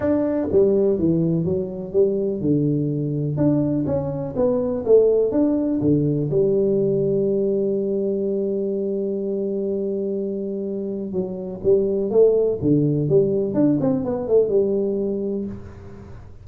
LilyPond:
\new Staff \with { instrumentName = "tuba" } { \time 4/4 \tempo 4 = 124 d'4 g4 e4 fis4 | g4 d2 d'4 | cis'4 b4 a4 d'4 | d4 g2.~ |
g1~ | g2. fis4 | g4 a4 d4 g4 | d'8 c'8 b8 a8 g2 | }